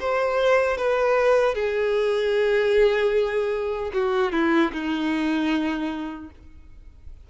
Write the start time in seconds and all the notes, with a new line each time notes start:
0.00 C5
0.78 B4
1.55 G#4
3.94 F#4
4.33 E4
4.73 D#4